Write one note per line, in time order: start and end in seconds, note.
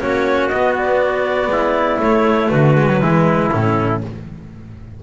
0.00 0.52 A#3
0.00 0.50 C#4
0.00 1.52 F#4
0.00 0.48 C#5
0.48 2.02 B3
0.48 1.47 B3
0.48 0.73 D#5
0.77 2.00 D5
1.47 1.97 G#3
1.47 2.51 E4
1.99 2.49 A3
1.99 2.77 A3
1.99 2.49 C#5
2.49 3.00 D3
2.49 3.01 F#4
2.49 3.49 B4
2.77 2.89 G#3
2.89 3.01 F#3
3.00 3.50 E3
3.00 3.51 G#3
3.00 4.02 E4
3.51 4.03 A2
3.51 4.01 C#4
3.51 4.01 A4